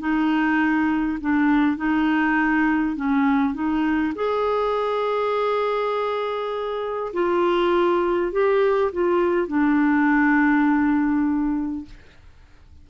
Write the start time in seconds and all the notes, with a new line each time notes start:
0.00 D#4
1.21 D4
1.77 D#4
2.96 C#4
3.54 D#4
4.15 G#4
7.14 F4
8.32 G4
8.93 F4
9.48 D4